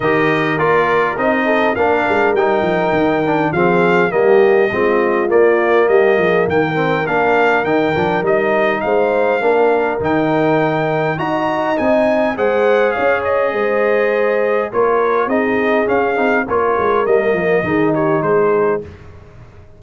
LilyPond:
<<
  \new Staff \with { instrumentName = "trumpet" } { \time 4/4 \tempo 4 = 102 dis''4 d''4 dis''4 f''4 | g''2 f''4 dis''4~ | dis''4 d''4 dis''4 g''4 | f''4 g''4 dis''4 f''4~ |
f''4 g''2 ais''4 | gis''4 fis''4 f''8 dis''4.~ | dis''4 cis''4 dis''4 f''4 | cis''4 dis''4. cis''8 c''4 | }
  \new Staff \with { instrumentName = "horn" } { \time 4/4 ais'2~ ais'8 a'8 ais'4~ | ais'2 gis'4 g'4 | f'2 g'8 gis'8 ais'4~ | ais'2. c''4 |
ais'2. dis''4~ | dis''4 c''4 cis''4 c''4~ | c''4 ais'4 gis'2 | ais'2 gis'8 g'8 gis'4 | }
  \new Staff \with { instrumentName = "trombone" } { \time 4/4 g'4 f'4 dis'4 d'4 | dis'4. d'8 c'4 ais4 | c'4 ais2~ ais8 c'8 | d'4 dis'8 d'8 dis'2 |
d'4 dis'2 fis'4 | dis'4 gis'2.~ | gis'4 f'4 dis'4 cis'8 dis'8 | f'4 ais4 dis'2 | }
  \new Staff \with { instrumentName = "tuba" } { \time 4/4 dis4 ais4 c'4 ais8 gis8 | g8 f8 dis4 f4 g4 | gis4 ais4 g8 f8 dis4 | ais4 dis8 f8 g4 gis4 |
ais4 dis2 dis'4 | c'4 gis4 cis'4 gis4~ | gis4 ais4 c'4 cis'8 c'8 | ais8 gis8 g8 f8 dis4 gis4 | }
>>